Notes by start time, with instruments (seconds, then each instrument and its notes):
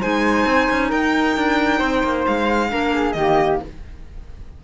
0.00 cello G#3, clarinet D#4, flute C5, violin G#5
0.46 cello C4
0.71 cello C#4
0.89 cello D#4, flute A#4, violin G5
1.37 cello D4
1.78 cello C4, flute C5
2.04 cello A#3
2.27 cello G#3, violin F5
2.70 cello A#3, clarinet D4, flute A#4
2.94 flute G#4
3.13 cello D#3, flute G4, violin D#5
3.19 clarinet A#3